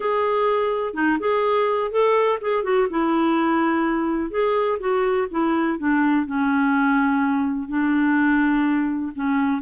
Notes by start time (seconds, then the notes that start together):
0.00 G#4
0.94 D#4
1.19 G#4
1.91 A4
2.41 G#4
2.63 F#4
2.89 E4
4.30 G#4
4.79 F#4
5.31 E4
5.78 D4
6.26 C#4
7.68 D4
9.15 C#4